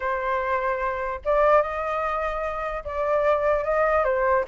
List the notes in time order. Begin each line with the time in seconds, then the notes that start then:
0.00 C5
1.25 D5
1.61 D#5
2.84 D5
3.64 D#5
4.04 C5